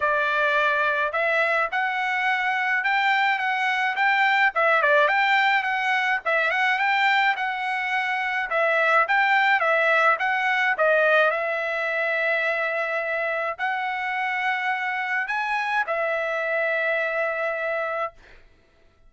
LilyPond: \new Staff \with { instrumentName = "trumpet" } { \time 4/4 \tempo 4 = 106 d''2 e''4 fis''4~ | fis''4 g''4 fis''4 g''4 | e''8 d''8 g''4 fis''4 e''8 fis''8 | g''4 fis''2 e''4 |
g''4 e''4 fis''4 dis''4 | e''1 | fis''2. gis''4 | e''1 | }